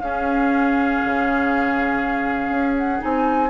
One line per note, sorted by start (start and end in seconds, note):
0.00 1.01 C#4
0.00 2.99 C#4
0.00 3.50 G#4
0.00 2.75 F5
1.05 2.49 C#3
2.49 2.99 C#4
2.77 3.02 F#5
2.99 3.50 C4
2.99 3.49 D#4
2.99 3.50 G#5